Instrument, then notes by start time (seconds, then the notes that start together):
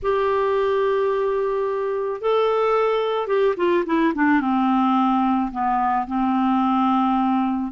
clarinet
0.02 G4
2.21 A4
3.27 G4
3.56 F4
3.85 E4
4.14 D4
4.40 C4
5.51 B3
6.07 C4